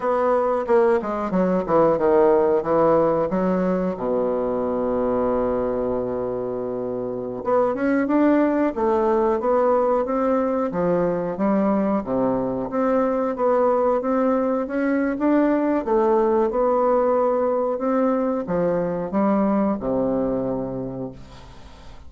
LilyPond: \new Staff \with { instrumentName = "bassoon" } { \time 4/4 \tempo 4 = 91 b4 ais8 gis8 fis8 e8 dis4 | e4 fis4 b,2~ | b,2.~ b,16 b8 cis'16~ | cis'16 d'4 a4 b4 c'8.~ |
c'16 f4 g4 c4 c'8.~ | c'16 b4 c'4 cis'8. d'4 | a4 b2 c'4 | f4 g4 c2 | }